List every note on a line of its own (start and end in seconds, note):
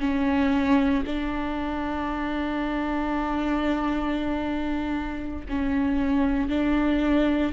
0.00 1.03 C#4
1.06 5.45 D4
5.49 6.49 C#4
6.49 7.52 D4